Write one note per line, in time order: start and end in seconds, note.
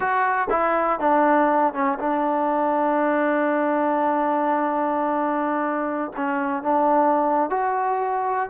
0.00 0.47 F#4
0.50 0.99 E4
0.99 1.73 D4
1.73 1.98 C#4
1.99 6.11 D4
6.16 6.62 C#4
6.62 7.50 D4
7.50 8.49 F#4